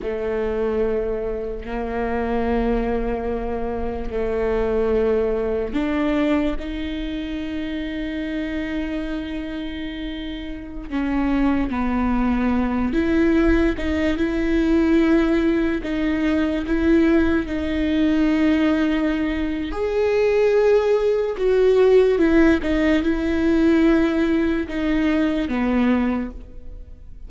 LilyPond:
\new Staff \with { instrumentName = "viola" } { \time 4/4 \tempo 4 = 73 a2 ais2~ | ais4 a2 d'4 | dis'1~ | dis'4~ dis'16 cis'4 b4. e'16~ |
e'8. dis'8 e'2 dis'8.~ | dis'16 e'4 dis'2~ dis'8. | gis'2 fis'4 e'8 dis'8 | e'2 dis'4 b4 | }